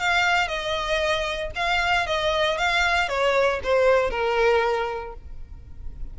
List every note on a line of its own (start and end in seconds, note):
0.00 0.48 F5
0.48 1.52 D#5
1.56 2.07 F5
2.07 2.58 D#5
2.58 3.09 F5
3.09 3.61 C#5
3.64 4.11 C5
4.11 5.14 A#4